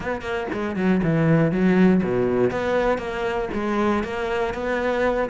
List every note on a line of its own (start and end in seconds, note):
0.00 0.21 B3
0.21 0.47 A#3
0.52 0.76 G#3
0.76 1.01 F#3
1.03 1.51 E3
1.51 2.02 F#3
2.03 2.50 B2
2.50 2.98 B3
2.98 3.48 A#3
3.53 4.03 G#3
4.03 4.54 A#3
4.54 5.29 B3